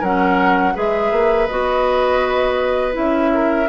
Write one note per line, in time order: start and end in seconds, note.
0.00 0.75 F#3
0.00 0.74 C#4
0.00 0.73 A#4
0.00 0.77 F#5
0.74 1.12 G#3
0.74 1.47 G#4
0.74 3.31 B4
0.74 1.47 E5
1.12 1.48 A#3
1.47 2.97 B3
1.47 2.92 F#4
1.47 2.94 D#5
2.92 3.68 C#4
2.92 3.66 E4
2.92 3.68 E5
3.34 3.68 A#4